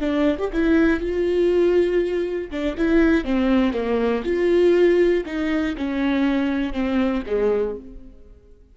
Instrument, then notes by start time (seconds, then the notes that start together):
viola
0.00 D4
0.38 G4
0.53 E4
1.00 F4
2.51 D4
2.77 E4
3.24 C4
3.73 A#3
4.24 F4
5.26 D#4
5.77 C#4
6.73 C4
7.26 G#3